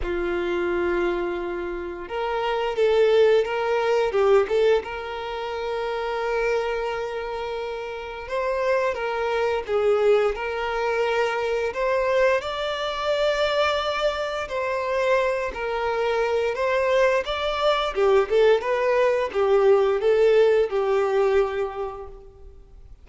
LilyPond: \new Staff \with { instrumentName = "violin" } { \time 4/4 \tempo 4 = 87 f'2. ais'4 | a'4 ais'4 g'8 a'8 ais'4~ | ais'1 | c''4 ais'4 gis'4 ais'4~ |
ais'4 c''4 d''2~ | d''4 c''4. ais'4. | c''4 d''4 g'8 a'8 b'4 | g'4 a'4 g'2 | }